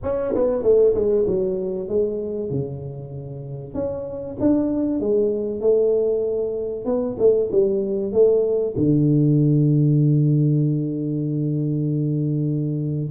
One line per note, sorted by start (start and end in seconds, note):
0.03 0.34 C#4
0.34 0.62 B3
0.62 0.93 A3
0.94 1.25 G#3
1.26 1.88 F#3
1.88 2.50 G#3
2.50 3.74 C#3
3.74 4.36 C#4
4.40 5.00 D4
5.00 5.61 G#3
5.61 6.85 A3
6.85 7.16 B3
7.18 7.50 A3
7.51 8.12 G3
8.12 8.74 A3
8.76 13.11 D3